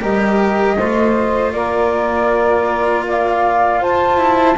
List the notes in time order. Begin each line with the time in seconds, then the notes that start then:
0.00 G3 G4 A#4 D#5
0.77 A3 F4 C5
1.53 A#3 A#4 D5
3.07 D5 F5
3.80 F4 C5 A5
4.18 E4